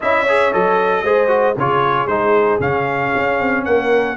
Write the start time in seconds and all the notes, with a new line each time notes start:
0.00 C#4 E4 D#5 E5
0.23 G#4 C#5
0.52 F#3 A4 D#5
1.02 G#3 G#4 C5
1.27 F#4
1.55 C#3 F4 G#4 C#5
2.06 G#3 D#4 C5
2.59 C#3 C#4 F5
3.15 C#4
3.40 C4
3.64 A#3 A#4 F#5